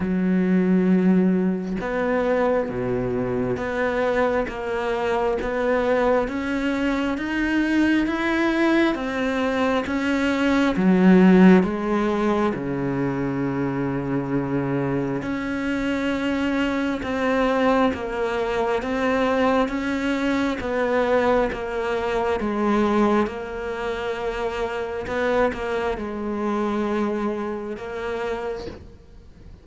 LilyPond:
\new Staff \with { instrumentName = "cello" } { \time 4/4 \tempo 4 = 67 fis2 b4 b,4 | b4 ais4 b4 cis'4 | dis'4 e'4 c'4 cis'4 | fis4 gis4 cis2~ |
cis4 cis'2 c'4 | ais4 c'4 cis'4 b4 | ais4 gis4 ais2 | b8 ais8 gis2 ais4 | }